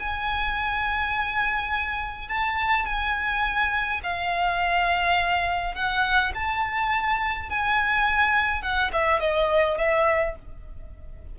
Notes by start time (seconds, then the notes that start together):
0.00 G#5
2.29 A5
2.86 G#5
4.04 F5
5.75 F#5
6.35 A5
7.50 G#5
8.62 F#5
8.93 E5
9.20 D#5
9.78 E5